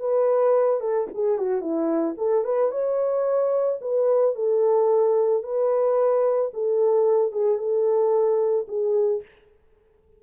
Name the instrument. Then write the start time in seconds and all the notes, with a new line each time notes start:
horn
0.00 B4
0.81 A4
1.14 G#4
1.38 F#4
1.61 E4
2.18 A4
2.44 B4
2.71 C#5
3.81 B4
4.36 A4
5.43 B4
6.54 A4
7.32 G#4
7.58 A4
8.68 G#4